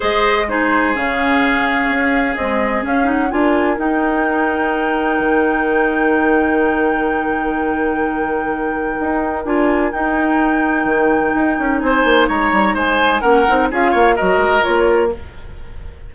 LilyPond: <<
  \new Staff \with { instrumentName = "flute" } { \time 4/4 \tempo 4 = 127 dis''4 c''4 f''2~ | f''4 dis''4 f''8 fis''8 gis''4 | g''1~ | g''1~ |
g''1 | gis''4 g''2.~ | g''4 gis''4 ais''4 gis''4 | fis''4 f''4 dis''4 cis''4 | }
  \new Staff \with { instrumentName = "oboe" } { \time 4/4 c''4 gis'2.~ | gis'2. ais'4~ | ais'1~ | ais'1~ |
ais'1~ | ais'1~ | ais'4 c''4 cis''4 c''4 | ais'4 gis'8 cis''8 ais'2 | }
  \new Staff \with { instrumentName = "clarinet" } { \time 4/4 gis'4 dis'4 cis'2~ | cis'4 gis4 cis'8 dis'8 f'4 | dis'1~ | dis'1~ |
dis'1 | f'4 dis'2.~ | dis'1 | cis'8 dis'8 f'4 fis'4 f'4 | }
  \new Staff \with { instrumentName = "bassoon" } { \time 4/4 gis2 cis2 | cis'4 c'4 cis'4 d'4 | dis'2. dis4~ | dis1~ |
dis2. dis'4 | d'4 dis'2 dis4 | dis'8 cis'8 c'8 ais8 gis8 g8 gis4 | ais8 c'8 cis'8 ais8 fis8 gis8 ais4 | }
>>